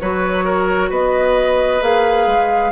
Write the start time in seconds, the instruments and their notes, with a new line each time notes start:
0.00 bassoon F#3, clarinet F#4, oboe B4, flute C#5
0.45 oboe A#4
0.90 bassoon B3, oboe B4, flute D#5
1.81 bassoon A#3, clarinet G#4, flute F5
2.27 bassoon G#3